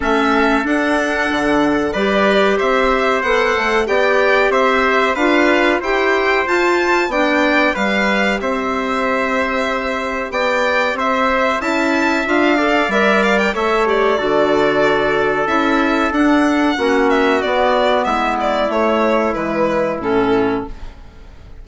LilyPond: <<
  \new Staff \with { instrumentName = "violin" } { \time 4/4 \tempo 4 = 93 e''4 fis''2 d''4 | e''4 fis''4 g''4 e''4 | f''4 g''4 a''4 g''4 | f''4 e''2. |
g''4 e''4 a''4 f''4 | e''8 f''16 g''16 e''8 d''2~ d''8 | e''4 fis''4. e''8 d''4 | e''8 d''8 cis''4 b'4 a'4 | }
  \new Staff \with { instrumentName = "trumpet" } { \time 4/4 a'2. b'4 | c''2 d''4 c''4 | b'4 c''2 d''4 | b'4 c''2. |
d''4 c''4 e''4. d''8~ | d''4 cis''4 a'2~ | a'2 fis'2 | e'1 | }
  \new Staff \with { instrumentName = "clarinet" } { \time 4/4 cis'4 d'2 g'4~ | g'4 a'4 g'2 | f'4 g'4 f'4 d'4 | g'1~ |
g'2 e'4 f'8 a'8 | ais'4 a'8 g'8 fis'2 | e'4 d'4 cis'4 b4~ | b4 a4 gis4 cis'4 | }
  \new Staff \with { instrumentName = "bassoon" } { \time 4/4 a4 d'4 d4 g4 | c'4 b8 a8 b4 c'4 | d'4 e'4 f'4 b4 | g4 c'2. |
b4 c'4 cis'4 d'4 | g4 a4 d2 | cis'4 d'4 ais4 b4 | gis4 a4 e4 a,4 | }
>>